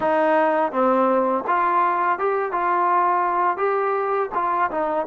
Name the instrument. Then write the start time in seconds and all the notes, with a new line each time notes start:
trombone
0.00 D#4
0.72 C4
1.47 F4
2.18 G4
2.52 F4
3.57 G4
4.34 F4
4.71 D#4